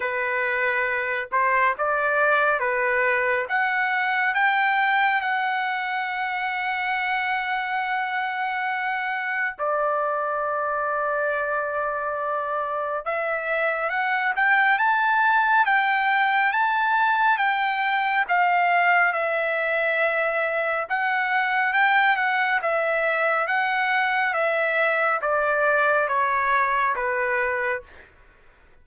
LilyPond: \new Staff \with { instrumentName = "trumpet" } { \time 4/4 \tempo 4 = 69 b'4. c''8 d''4 b'4 | fis''4 g''4 fis''2~ | fis''2. d''4~ | d''2. e''4 |
fis''8 g''8 a''4 g''4 a''4 | g''4 f''4 e''2 | fis''4 g''8 fis''8 e''4 fis''4 | e''4 d''4 cis''4 b'4 | }